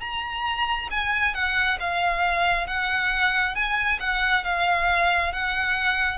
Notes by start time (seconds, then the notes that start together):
0.00 A#5
0.91 G#5
1.34 F#5
1.80 F5
2.67 F#5
3.55 G#5
4.00 F#5
4.44 F5
5.32 F#5